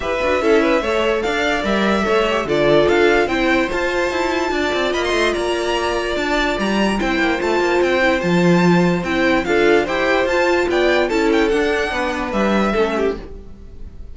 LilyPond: <<
  \new Staff \with { instrumentName = "violin" } { \time 4/4 \tempo 4 = 146 e''2. f''4 | e''2 d''4 f''4 | g''4 a''2. | b''16 c'''8. ais''2 a''4 |
ais''4 g''4 a''4 g''4 | a''2 g''4 f''4 | g''4 a''4 g''4 a''8 g''8 | fis''2 e''2 | }
  \new Staff \with { instrumentName = "violin" } { \time 4/4 b'4 a'8 b'8 cis''4 d''4~ | d''4 cis''4 a'2 | c''2. d''4 | dis''4 d''2.~ |
d''4 c''2.~ | c''2. a'4 | c''2 d''4 a'4~ | a'4 b'2 a'8 g'8 | }
  \new Staff \with { instrumentName = "viola" } { \time 4/4 g'8 fis'8 e'4 a'2 | ais'4 a'8 g'8 f'2 | e'4 f'2.~ | f'1~ |
f'4 e'4 f'4. e'8 | f'2 e'4 f'4 | g'4 f'2 e'4 | d'2. cis'4 | }
  \new Staff \with { instrumentName = "cello" } { \time 4/4 e'8 d'8 cis'4 a4 d'4 | g4 a4 d4 d'4 | c'4 f'4 e'4 d'8 c'8 | ais8 a8 ais2 d'4 |
g4 c'8 ais8 a8 ais8 c'4 | f2 c'4 d'4 | e'4 f'4 b4 cis'4 | d'4 b4 g4 a4 | }
>>